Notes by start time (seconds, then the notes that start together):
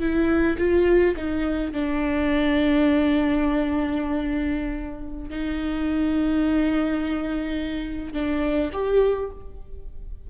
0.00 E4
0.58 F4
1.16 D#4
1.72 D4
5.30 D#4
8.14 D4
8.73 G4